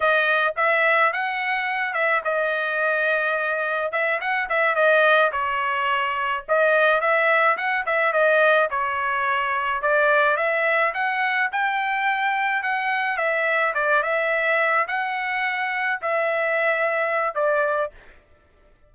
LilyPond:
\new Staff \with { instrumentName = "trumpet" } { \time 4/4 \tempo 4 = 107 dis''4 e''4 fis''4. e''8 | dis''2. e''8 fis''8 | e''8 dis''4 cis''2 dis''8~ | dis''8 e''4 fis''8 e''8 dis''4 cis''8~ |
cis''4. d''4 e''4 fis''8~ | fis''8 g''2 fis''4 e''8~ | e''8 d''8 e''4. fis''4.~ | fis''8 e''2~ e''8 d''4 | }